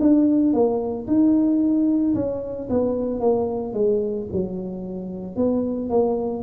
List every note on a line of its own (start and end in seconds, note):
0.00 0.53 D4
0.53 1.07 A#3
1.07 2.14 D#4
2.15 2.68 C#4
2.69 3.20 B3
3.20 3.73 A#3
3.73 4.26 G#3
4.32 5.36 F#3
5.36 5.89 B3
5.89 6.43 A#3